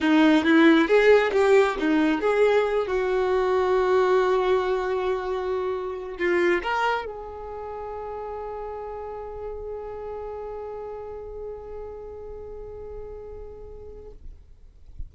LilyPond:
\new Staff \with { instrumentName = "violin" } { \time 4/4 \tempo 4 = 136 dis'4 e'4 gis'4 g'4 | dis'4 gis'4. fis'4.~ | fis'1~ | fis'2 f'4 ais'4 |
gis'1~ | gis'1~ | gis'1~ | gis'1 | }